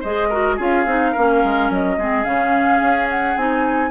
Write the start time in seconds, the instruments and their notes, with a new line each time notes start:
0.00 bassoon G#3, clarinet G#4, oboe C5, flute D#5
0.29 clarinet F#4, oboe A#4
0.56 bassoon C#4, clarinet F4, oboe G#4, flute F5
0.85 bassoon C4, clarinet D#4
1.12 bassoon A#3, clarinet C#4, oboe A#4
1.43 bassoon G#3
1.70 bassoon F#3, flute D#5
1.97 bassoon G#3, clarinet C4, oboe G#4
2.23 bassoon C#3, clarinet C#4, flute F5
2.80 bassoon C#4
3.10 flute F#5
3.36 bassoon C4, clarinet D#4, flute G#5